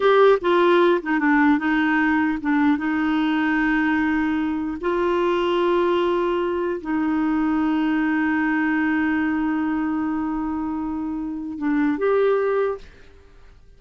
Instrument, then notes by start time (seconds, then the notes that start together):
clarinet
0.00 G4
0.41 F4
1.01 D#4
1.19 D4
1.58 D#4
2.41 D4
2.77 D#4
4.80 F4
6.81 D#4
11.58 D4
11.97 G4